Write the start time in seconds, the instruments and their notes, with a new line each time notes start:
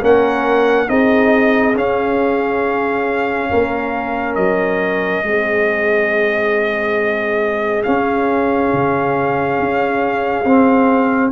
0.00 tuba A#3, trombone C#4, horn A#4, trumpet F#5
0.87 tuba C4, trombone D#4, horn G#4, trumpet D#5
1.75 tuba C#4, trombone C#4, trumpet F5
3.50 tuba A#3, horn A#4
4.35 tuba F#3, trumpet D#5
5.23 tuba G#3, trombone C4, horn G#4
7.83 trombone C#4, tuba C#4, trumpet F5
8.73 tuba C#3
9.59 tuba C#4
10.45 tuba C4, trombone C4